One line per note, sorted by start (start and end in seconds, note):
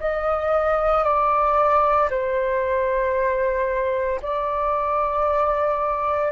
0.00 1.04 D#5
1.04 2.10 D5
2.11 4.21 C5
4.22 6.33 D5